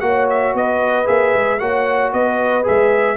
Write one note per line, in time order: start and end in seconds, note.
0.00 0.54 A#3
0.00 1.05 F#4
0.00 0.55 C#5
0.00 0.26 F#5
0.29 0.56 E5
0.54 1.07 B3
0.54 1.60 B4
0.54 1.07 D#5
1.05 1.34 A#3
1.05 1.58 G#4
1.05 1.59 E5
1.34 1.61 G#3
1.59 2.13 A#3
1.59 2.63 F#4
1.59 2.13 C#5
1.59 2.12 F#5
2.13 2.65 B3
2.13 3.17 B4
2.13 2.65 D#5
2.63 3.17 G#3
2.63 3.16 G#4
2.63 3.17 E5